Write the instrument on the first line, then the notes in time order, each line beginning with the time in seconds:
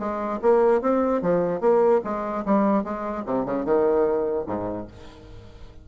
bassoon
0.00 G#3
0.42 A#3
0.82 C4
1.22 F3
1.61 A#3
2.05 G#3
2.46 G3
2.84 G#3
3.26 C3
3.46 C#3
3.65 D#3
4.48 G#2